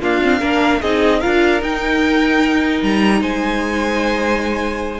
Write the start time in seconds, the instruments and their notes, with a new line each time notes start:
0.00 viola A#3, cello D4, violin F4 F5
0.23 viola C4
0.39 cello A#3, viola D4, violin A#4
0.81 cello C4, viola D#4, violin G#4 D#5
1.20 cello D4, viola F4, violin A#4 F5
1.62 viola D#4, cello D#4, violin G5
2.82 cello G3, violin A#5
3.21 cello G#3, violin C5 G#5